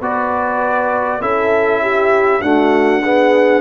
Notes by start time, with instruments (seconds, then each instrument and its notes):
0.00 tuba B3, trombone F#4, horn B4, trumpet D5
1.21 tuba C#4, trombone E4, horn A4, trumpet E5
1.81 horn G4
2.42 trombone A3, tuba D4, horn F#4, trumpet F#5
3.04 trombone B3, horn G#4